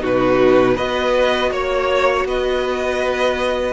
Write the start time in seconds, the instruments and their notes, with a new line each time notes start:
0.00 cello B2, viola D#4, violin F#4 B4
0.75 cello B3, viola F#4, violin B4 D#5
1.51 cello A#3, violin C#5
2.25 cello B3, violin B4 D#5